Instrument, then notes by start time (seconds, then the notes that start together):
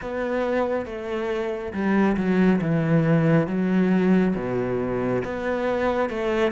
cello
0.01 B3
0.85 A3
1.73 G3
2.17 F#3
2.61 E3
3.47 F#3
4.35 B2
5.24 B3
6.09 A3